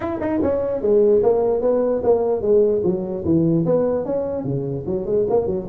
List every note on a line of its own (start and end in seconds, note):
0.00 0.19 E4
0.20 0.40 D#4
0.42 0.81 C#4
0.81 1.22 G#3
1.22 1.61 A#3
1.61 2.01 B3
2.03 2.41 A#3
2.41 2.82 G#3
2.83 3.24 F#3
3.24 3.65 E3
3.65 4.05 B3
4.05 4.44 C#4
4.44 4.84 C#3
4.86 5.05 F#3
5.05 5.26 G#3
5.29 5.46 A#3
5.46 5.66 F#3